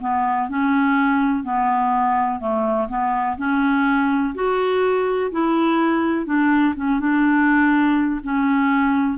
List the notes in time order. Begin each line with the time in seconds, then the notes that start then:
0.00 B3
0.49 C#4
1.43 B3
2.39 A3
2.88 B3
3.37 C#4
4.34 F#4
5.31 E4
6.26 D4
6.75 C#4
6.99 D4
8.23 C#4